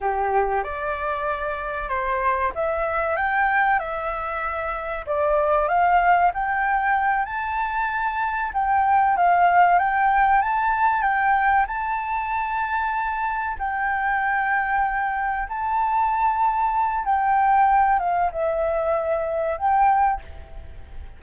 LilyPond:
\new Staff \with { instrumentName = "flute" } { \time 4/4 \tempo 4 = 95 g'4 d''2 c''4 | e''4 g''4 e''2 | d''4 f''4 g''4. a''8~ | a''4. g''4 f''4 g''8~ |
g''8 a''4 g''4 a''4.~ | a''4. g''2~ g''8~ | g''8 a''2~ a''8 g''4~ | g''8 f''8 e''2 g''4 | }